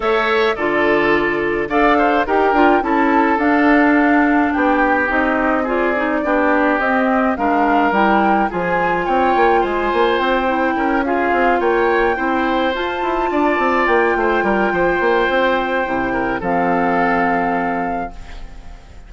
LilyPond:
<<
  \new Staff \with { instrumentName = "flute" } { \time 4/4 \tempo 4 = 106 e''4 d''2 f''4 | g''4 a''4 f''2 | g''4 dis''4 d''2 | dis''4 f''4 g''4 gis''4 |
g''4 gis''4 g''4. f''8~ | f''8 g''2 a''4.~ | a''8 g''2.~ g''8~ | g''4 f''2. | }
  \new Staff \with { instrumentName = "oboe" } { \time 4/4 cis''4 a'2 d''8 c''8 | ais'4 a'2. | g'2 gis'4 g'4~ | g'4 ais'2 gis'4 |
cis''4 c''2 ais'8 gis'8~ | gis'8 cis''4 c''2 d''8~ | d''4 c''8 ais'8 c''2~ | c''8 ais'8 a'2. | }
  \new Staff \with { instrumentName = "clarinet" } { \time 4/4 a'4 f'2 a'4 | g'8 f'8 e'4 d'2~ | d'4 dis'4 f'8 dis'8 d'4 | c'4 d'4 e'4 f'4~ |
f'2~ f'8 e'4 f'8~ | f'4. e'4 f'4.~ | f'1 | e'4 c'2. | }
  \new Staff \with { instrumentName = "bassoon" } { \time 4/4 a4 d2 d'4 | dis'8 d'8 cis'4 d'2 | b4 c'2 b4 | c'4 gis4 g4 f4 |
c'8 ais8 gis8 ais8 c'4 cis'4 | c'8 ais4 c'4 f'8 e'8 d'8 | c'8 ais8 a8 g8 f8 ais8 c'4 | c4 f2. | }
>>